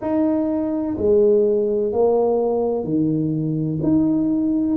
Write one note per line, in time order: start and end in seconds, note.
0.01 0.96 D#4
0.97 1.92 G#3
1.92 2.84 A#3
2.84 3.79 D#3
3.82 4.77 D#4